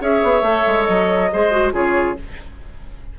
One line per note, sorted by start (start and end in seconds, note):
0.00 0.22 C#4
0.00 0.43 G#4
0.00 1.30 C#5
0.00 0.83 E5
0.23 0.42 B3
0.42 0.63 A3
0.42 1.30 A4
0.66 0.88 G#3
0.83 1.31 F#3
0.83 1.70 D#5
1.32 1.72 G#3
1.32 1.51 G#4
1.32 1.73 C5
1.51 1.72 F#4
1.72 2.15 C#3
1.72 2.15 F4
1.72 2.16 G#4
1.72 2.18 C#5